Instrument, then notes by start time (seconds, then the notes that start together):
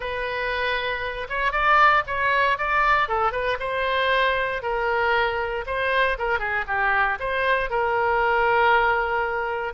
oboe
0.00 B4
1.29 C#5
1.52 D5
2.07 C#5
2.58 D5
3.08 A4
3.32 B4
3.59 C5
4.62 A#4
5.66 C5
6.18 A#4
6.39 G#4
6.67 G4
7.19 C5
7.69 A#4